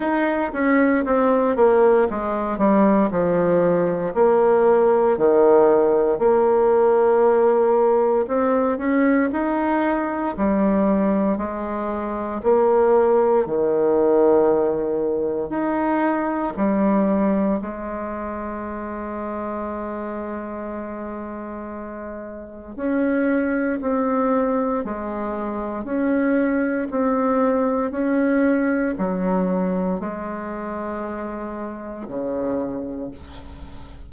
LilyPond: \new Staff \with { instrumentName = "bassoon" } { \time 4/4 \tempo 4 = 58 dis'8 cis'8 c'8 ais8 gis8 g8 f4 | ais4 dis4 ais2 | c'8 cis'8 dis'4 g4 gis4 | ais4 dis2 dis'4 |
g4 gis2.~ | gis2 cis'4 c'4 | gis4 cis'4 c'4 cis'4 | fis4 gis2 cis4 | }